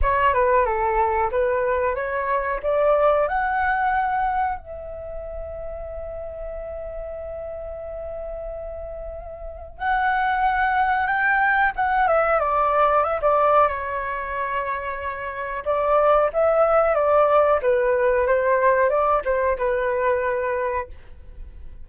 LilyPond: \new Staff \with { instrumentName = "flute" } { \time 4/4 \tempo 4 = 92 cis''8 b'8 a'4 b'4 cis''4 | d''4 fis''2 e''4~ | e''1~ | e''2. fis''4~ |
fis''4 g''4 fis''8 e''8 d''4 | e''16 d''8. cis''2. | d''4 e''4 d''4 b'4 | c''4 d''8 c''8 b'2 | }